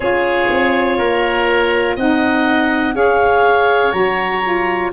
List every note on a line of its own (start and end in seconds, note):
0.00 0.49 C#4
0.00 1.98 F4
0.00 0.98 G#4
0.00 1.96 C#5
0.50 0.98 C4
0.98 1.96 A#3
0.98 1.96 A#4
1.96 2.93 C4
1.96 2.94 D#4
1.96 2.94 D#5
1.96 2.95 F#5
2.93 3.92 C#4
2.93 3.92 G#4
2.93 4.91 C#5
2.93 3.92 F5
3.92 4.91 F#3
3.92 4.41 F#4
3.92 4.90 A#5
4.43 4.92 F4